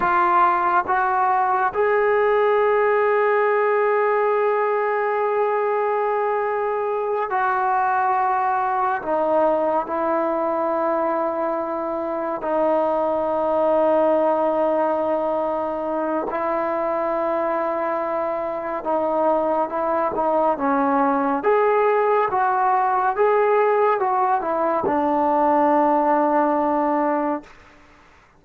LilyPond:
\new Staff \with { instrumentName = "trombone" } { \time 4/4 \tempo 4 = 70 f'4 fis'4 gis'2~ | gis'1~ | gis'8 fis'2 dis'4 e'8~ | e'2~ e'8 dis'4.~ |
dis'2. e'4~ | e'2 dis'4 e'8 dis'8 | cis'4 gis'4 fis'4 gis'4 | fis'8 e'8 d'2. | }